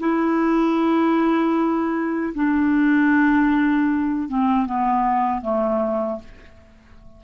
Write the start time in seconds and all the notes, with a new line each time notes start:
0.00 E4
2.35 D4
4.29 C4
4.66 B3
5.42 A3